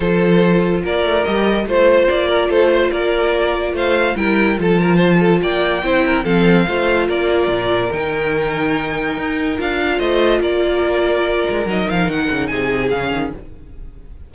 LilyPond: <<
  \new Staff \with { instrumentName = "violin" } { \time 4/4 \tempo 4 = 144 c''2 d''4 dis''4 | c''4 d''4 c''4 d''4~ | d''4 f''4 g''4 a''4~ | a''4 g''2 f''4~ |
f''4 d''2 g''4~ | g''2. f''4 | dis''4 d''2. | dis''8 f''8 fis''4 gis''4 f''4 | }
  \new Staff \with { instrumentName = "violin" } { \time 4/4 a'2 ais'2 | c''4. ais'8 a'8 c''8 ais'4~ | ais'4 c''4 ais'4 a'8 ais'8 | c''8 a'8 d''4 c''8 ais'8 a'4 |
c''4 ais'2.~ | ais'1 | c''4 ais'2.~ | ais'2 gis'2 | }
  \new Staff \with { instrumentName = "viola" } { \time 4/4 f'2. g'4 | f'1~ | f'2 e'4 f'4~ | f'2 e'4 c'4 |
f'2. dis'4~ | dis'2. f'4~ | f'1 | dis'2. cis'4 | }
  \new Staff \with { instrumentName = "cello" } { \time 4/4 f2 ais8 a8 g4 | a4 ais4 a4 ais4~ | ais4 a4 g4 f4~ | f4 ais4 c'4 f4 |
a4 ais4 ais,4 dis4~ | dis2 dis'4 d'4 | a4 ais2~ ais8 gis8 | fis8 f8 dis8 cis8 c4 cis8 dis8 | }
>>